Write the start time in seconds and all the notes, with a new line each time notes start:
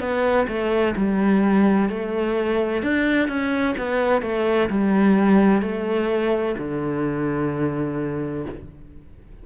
0.00 B3
0.48 A3
0.96 G3
1.89 A3
2.83 D4
3.28 C#4
3.78 B3
4.22 A3
4.70 G3
5.62 A3
6.58 D3